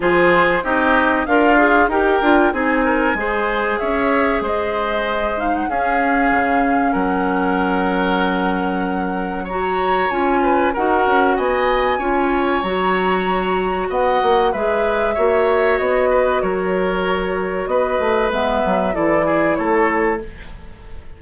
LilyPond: <<
  \new Staff \with { instrumentName = "flute" } { \time 4/4 \tempo 4 = 95 c''4 dis''4 f''4 g''4 | gis''2 e''4 dis''4~ | dis''8 f''16 fis''16 f''2 fis''4~ | fis''2. ais''4 |
gis''4 fis''4 gis''2 | ais''2 fis''4 e''4~ | e''4 dis''4 cis''2 | dis''4 e''4 d''4 cis''4 | }
  \new Staff \with { instrumentName = "oboe" } { \time 4/4 gis'4 g'4 f'4 ais'4 | gis'8 ais'8 c''4 cis''4 c''4~ | c''4 gis'2 ais'4~ | ais'2. cis''4~ |
cis''8 b'8 ais'4 dis''4 cis''4~ | cis''2 dis''4 b'4 | cis''4. b'8 ais'2 | b'2 a'8 gis'8 a'4 | }
  \new Staff \with { instrumentName = "clarinet" } { \time 4/4 f'4 dis'4 ais'8 gis'8 g'8 f'8 | dis'4 gis'2.~ | gis'8 dis'8 cis'2.~ | cis'2. fis'4 |
f'4 fis'2 f'4 | fis'2. gis'4 | fis'1~ | fis'4 b4 e'2 | }
  \new Staff \with { instrumentName = "bassoon" } { \time 4/4 f4 c'4 d'4 dis'8 d'8 | c'4 gis4 cis'4 gis4~ | gis4 cis'4 cis4 fis4~ | fis1 |
cis'4 dis'8 cis'8 b4 cis'4 | fis2 b8 ais8 gis4 | ais4 b4 fis2 | b8 a8 gis8 fis8 e4 a4 | }
>>